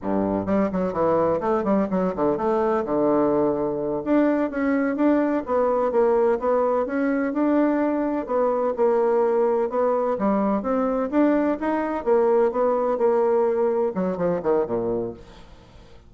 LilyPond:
\new Staff \with { instrumentName = "bassoon" } { \time 4/4 \tempo 4 = 127 g,4 g8 fis8 e4 a8 g8 | fis8 d8 a4 d2~ | d8 d'4 cis'4 d'4 b8~ | b8 ais4 b4 cis'4 d'8~ |
d'4. b4 ais4.~ | ais8 b4 g4 c'4 d'8~ | d'8 dis'4 ais4 b4 ais8~ | ais4. fis8 f8 dis8 ais,4 | }